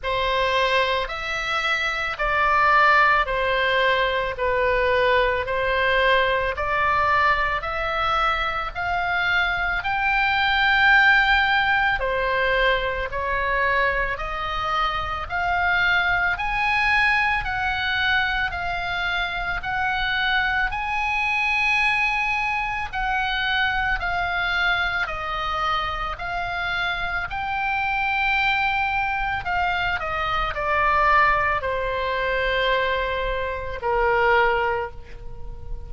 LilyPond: \new Staff \with { instrumentName = "oboe" } { \time 4/4 \tempo 4 = 55 c''4 e''4 d''4 c''4 | b'4 c''4 d''4 e''4 | f''4 g''2 c''4 | cis''4 dis''4 f''4 gis''4 |
fis''4 f''4 fis''4 gis''4~ | gis''4 fis''4 f''4 dis''4 | f''4 g''2 f''8 dis''8 | d''4 c''2 ais'4 | }